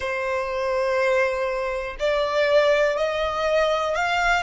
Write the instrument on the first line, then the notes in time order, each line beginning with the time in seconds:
violin
0.00 C5
1.99 D5
2.97 D#5
3.95 F5